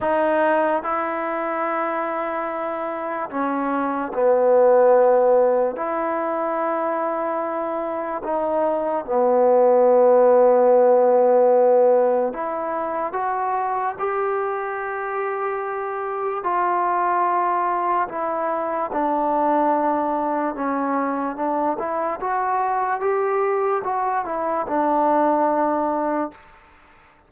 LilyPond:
\new Staff \with { instrumentName = "trombone" } { \time 4/4 \tempo 4 = 73 dis'4 e'2. | cis'4 b2 e'4~ | e'2 dis'4 b4~ | b2. e'4 |
fis'4 g'2. | f'2 e'4 d'4~ | d'4 cis'4 d'8 e'8 fis'4 | g'4 fis'8 e'8 d'2 | }